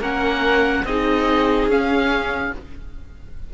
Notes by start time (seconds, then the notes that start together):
0.00 A#3 C#4 A#4 F#5
0.85 C4 D#4 G#4 D#5
1.68 C#4 F5